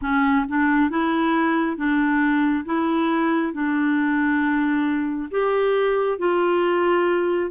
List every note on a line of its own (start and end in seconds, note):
0.01 0.45 C#4
0.48 0.90 D4
0.90 1.76 E4
1.76 2.65 D4
2.65 3.53 E4
3.53 5.29 D4
5.30 6.18 G4
6.18 7.50 F4